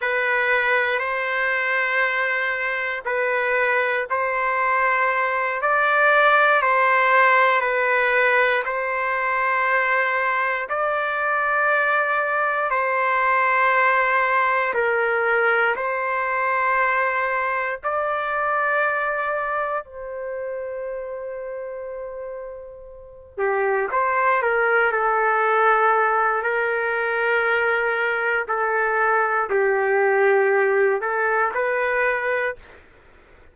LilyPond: \new Staff \with { instrumentName = "trumpet" } { \time 4/4 \tempo 4 = 59 b'4 c''2 b'4 | c''4. d''4 c''4 b'8~ | b'8 c''2 d''4.~ | d''8 c''2 ais'4 c''8~ |
c''4. d''2 c''8~ | c''2. g'8 c''8 | ais'8 a'4. ais'2 | a'4 g'4. a'8 b'4 | }